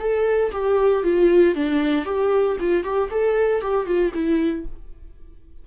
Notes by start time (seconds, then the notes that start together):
0.00 A4
0.52 G4
1.04 F4
1.56 D4
2.05 G4
2.60 F4
2.84 G4
3.11 A4
3.62 G4
3.87 F4
4.14 E4